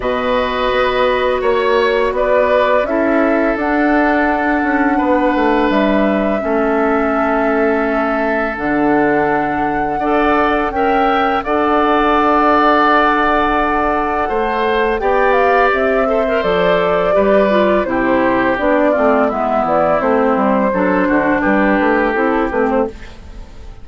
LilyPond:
<<
  \new Staff \with { instrumentName = "flute" } { \time 4/4 \tempo 4 = 84 dis''2 cis''4 d''4 | e''4 fis''2. | e''1 | fis''2. g''4 |
fis''1~ | fis''4 g''8 f''8 e''4 d''4~ | d''4 c''4 d''4 e''8 d''8 | c''2 b'4 a'8 b'16 c''16 | }
  \new Staff \with { instrumentName = "oboe" } { \time 4/4 b'2 cis''4 b'4 | a'2. b'4~ | b'4 a'2.~ | a'2 d''4 e''4 |
d''1 | c''4 d''4. c''4. | b'4 g'4. f'8 e'4~ | e'4 a'8 fis'8 g'2 | }
  \new Staff \with { instrumentName = "clarinet" } { \time 4/4 fis'1 | e'4 d'2.~ | d'4 cis'2. | d'2 a'4 ais'4 |
a'1~ | a'4 g'4. a'16 ais'16 a'4 | g'8 f'8 e'4 d'8 c'8 b4 | c'4 d'2 e'8 c'8 | }
  \new Staff \with { instrumentName = "bassoon" } { \time 4/4 b,4 b4 ais4 b4 | cis'4 d'4. cis'8 b8 a8 | g4 a2. | d2 d'4 cis'4 |
d'1 | a4 b4 c'4 f4 | g4 c4 b8 a8 gis8 e8 | a8 g8 fis8 d8 g8 a8 c'8 a8 | }
>>